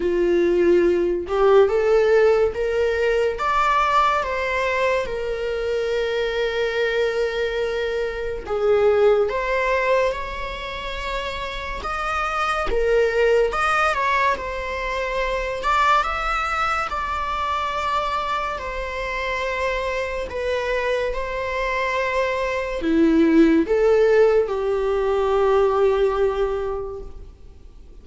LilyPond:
\new Staff \with { instrumentName = "viola" } { \time 4/4 \tempo 4 = 71 f'4. g'8 a'4 ais'4 | d''4 c''4 ais'2~ | ais'2 gis'4 c''4 | cis''2 dis''4 ais'4 |
dis''8 cis''8 c''4. d''8 e''4 | d''2 c''2 | b'4 c''2 e'4 | a'4 g'2. | }